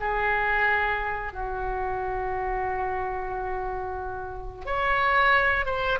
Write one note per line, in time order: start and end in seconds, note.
0.00 1.33 G#4
1.33 4.66 F#4
4.66 5.66 C#5
5.66 5.99 C5